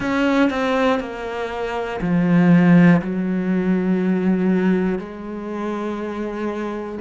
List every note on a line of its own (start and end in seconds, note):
0.00 0.50 C#4
0.50 1.00 C4
1.00 2.00 A#3
2.00 3.00 F3
3.01 4.99 F#3
4.99 6.99 G#3